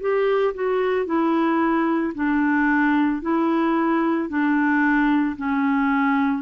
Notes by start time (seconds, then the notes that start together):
0.00 G4
0.54 F#4
1.06 E4
2.15 D4
3.22 E4
4.29 D4
5.37 C#4